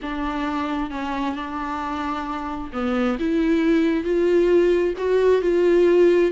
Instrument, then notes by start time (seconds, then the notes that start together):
viola
0.01 D4
0.90 C#4
1.35 D4
2.73 B3
3.19 E4
4.04 F4
4.97 F#4
5.41 F4